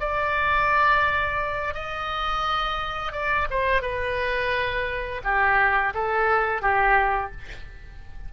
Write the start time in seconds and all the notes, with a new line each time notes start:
0.00 D5
1.74 D#5
3.13 D5
3.50 C5
3.82 B4
5.24 G4
5.95 A4
6.62 G4